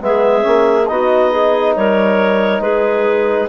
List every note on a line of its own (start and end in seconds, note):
0.00 0.43 G#3
0.00 0.41 B3
0.00 0.90 G#4
0.00 0.87 E5
0.41 0.89 A#3
0.41 0.84 C#4
0.87 1.76 B3
0.87 3.49 D#4
0.87 1.30 F#4
0.87 1.74 D#5
1.30 1.74 G#4
1.75 2.60 G3
1.75 2.62 A#4
1.75 2.61 C#5
2.60 3.47 G#3
2.60 3.49 G#4
2.60 3.48 B4